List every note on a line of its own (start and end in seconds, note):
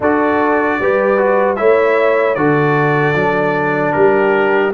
0.00 0.79 D4
0.00 0.81 F#4
0.00 0.79 A4
0.00 1.55 D5
0.81 1.59 G3
0.81 1.17 G4
0.81 1.58 B4
1.17 1.56 F#4
1.55 2.36 A3
1.55 2.35 E4
1.55 2.37 C#5
1.55 2.34 E5
2.35 3.14 D3
2.35 3.14 F#4
2.35 3.94 A4
2.35 3.92 D5
3.14 3.93 F#3
3.14 4.72 D4
3.92 4.73 G3
3.92 4.73 G4
3.92 4.71 A#4